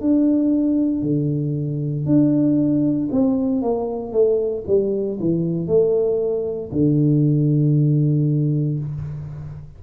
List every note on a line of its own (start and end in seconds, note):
0.00 1.02 D4
1.02 2.05 D3
2.05 3.08 D4
3.11 3.62 C4
3.62 4.12 A#3
4.12 4.64 A3
4.66 5.18 G3
5.19 5.67 E3
5.67 6.70 A3
6.71 8.78 D3